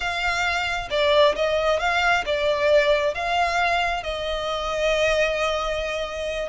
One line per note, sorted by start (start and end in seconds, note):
0.00 0.88 F5
0.90 1.35 D5
1.35 1.79 D#5
1.79 2.24 F5
2.25 3.14 D5
3.14 4.03 F5
4.03 6.49 D#5